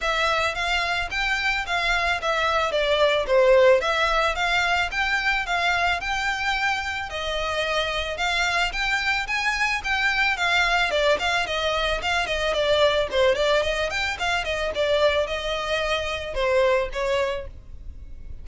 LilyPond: \new Staff \with { instrumentName = "violin" } { \time 4/4 \tempo 4 = 110 e''4 f''4 g''4 f''4 | e''4 d''4 c''4 e''4 | f''4 g''4 f''4 g''4~ | g''4 dis''2 f''4 |
g''4 gis''4 g''4 f''4 | d''8 f''8 dis''4 f''8 dis''8 d''4 | c''8 d''8 dis''8 g''8 f''8 dis''8 d''4 | dis''2 c''4 cis''4 | }